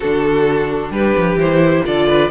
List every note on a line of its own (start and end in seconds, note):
0.00 0.90 D3
0.00 1.40 D4
0.00 0.92 F#4
0.00 0.91 A4
0.90 1.14 G3
0.90 1.85 G4
0.90 1.38 B4
1.17 1.35 F3
1.35 1.81 E3
1.35 1.84 E4
1.35 1.85 C5
1.84 2.30 D3
1.84 2.30 F4
1.84 2.07 A4
1.84 2.30 D5
2.07 2.30 B4